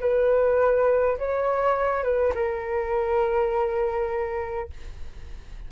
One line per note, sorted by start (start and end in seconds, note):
0.00 1.18 B4
1.18 2.03 C#5
2.03 2.33 B4
2.35 4.70 A#4